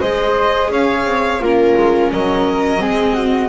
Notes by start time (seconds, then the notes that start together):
0.00 G#3 G#4 C5 D#5
0.69 C#4 C#5 F5
1.04 C4
1.40 A#3 C#4 F4 A#4
1.76 G#3
2.12 F#3 A#4 D#5
2.78 G#3 C4 G#4
3.13 F#4